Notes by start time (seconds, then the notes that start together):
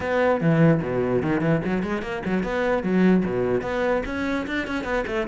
0.00 B3
0.40 E3
0.81 B2
1.22 D#3
1.40 E3
1.64 F#3
1.82 G#3
2.02 A#3
2.25 F#3
2.43 B3
2.83 F#3
3.25 B2
3.61 B3
4.05 C#4
4.46 D4
4.67 C#4
4.84 B3
5.06 A3